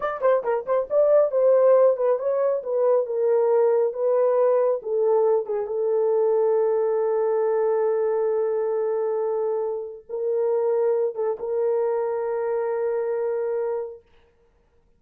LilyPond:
\new Staff \with { instrumentName = "horn" } { \time 4/4 \tempo 4 = 137 d''8 c''8 ais'8 c''8 d''4 c''4~ | c''8 b'8 cis''4 b'4 ais'4~ | ais'4 b'2 a'4~ | a'8 gis'8 a'2.~ |
a'1~ | a'2. ais'4~ | ais'4. a'8 ais'2~ | ais'1 | }